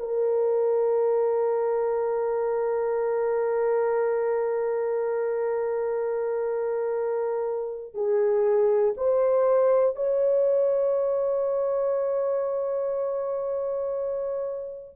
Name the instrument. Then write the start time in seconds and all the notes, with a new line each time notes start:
horn
0.00 A#4
7.95 G#4
8.97 C5
9.96 C#5